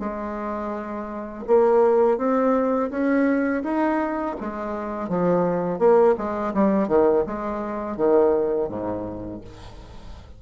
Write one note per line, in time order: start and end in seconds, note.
0.00 1.45 G#3
1.48 2.18 A#3
2.18 2.90 C4
2.91 3.63 C#4
3.64 4.36 D#4
4.41 5.09 G#3
5.09 5.79 F3
5.79 6.15 A#3
6.18 6.54 G#3
6.55 6.89 G3
6.89 7.25 D#3
7.27 7.97 G#3
7.97 8.69 D#3
8.69 9.41 G#2